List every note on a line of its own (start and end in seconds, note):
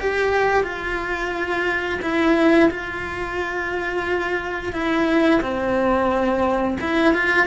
0.00 0.64 G4
0.64 2.00 F4
2.02 2.71 E4
2.71 4.73 F4
4.73 5.41 E4
5.42 6.78 C4
6.81 7.14 E4
7.14 7.47 F4